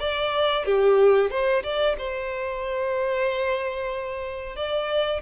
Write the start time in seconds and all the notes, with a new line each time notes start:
0.00 D5
0.66 G4
1.30 C5
1.63 D5
1.98 C5
4.56 D5